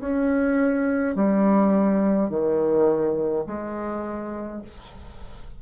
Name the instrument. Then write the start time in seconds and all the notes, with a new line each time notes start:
bassoon
0.00 C#4
1.15 G3
2.29 D#3
3.46 G#3